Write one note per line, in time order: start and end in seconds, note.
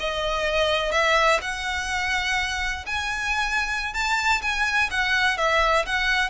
0.00 0.92 D#5
0.92 1.40 E5
1.41 2.85 F#5
2.86 3.94 G#5
3.94 4.42 A5
4.42 4.90 G#5
4.90 5.37 F#5
5.37 5.85 E5
5.86 6.30 F#5